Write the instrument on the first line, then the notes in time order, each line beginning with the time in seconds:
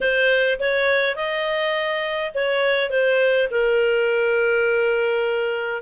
clarinet
0.00 C5
0.59 C#5
1.15 D#5
2.34 C#5
2.90 C5
3.50 A#4